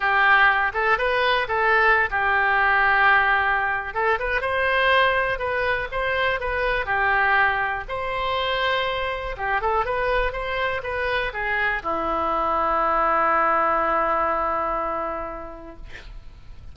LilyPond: \new Staff \with { instrumentName = "oboe" } { \time 4/4 \tempo 4 = 122 g'4. a'8 b'4 a'4~ | a'16 g'2.~ g'8. | a'8 b'8 c''2 b'4 | c''4 b'4 g'2 |
c''2. g'8 a'8 | b'4 c''4 b'4 gis'4 | e'1~ | e'1 | }